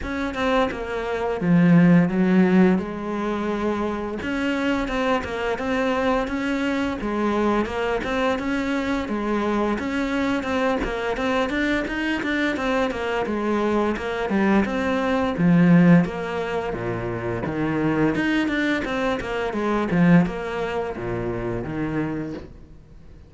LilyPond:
\new Staff \with { instrumentName = "cello" } { \time 4/4 \tempo 4 = 86 cis'8 c'8 ais4 f4 fis4 | gis2 cis'4 c'8 ais8 | c'4 cis'4 gis4 ais8 c'8 | cis'4 gis4 cis'4 c'8 ais8 |
c'8 d'8 dis'8 d'8 c'8 ais8 gis4 | ais8 g8 c'4 f4 ais4 | ais,4 dis4 dis'8 d'8 c'8 ais8 | gis8 f8 ais4 ais,4 dis4 | }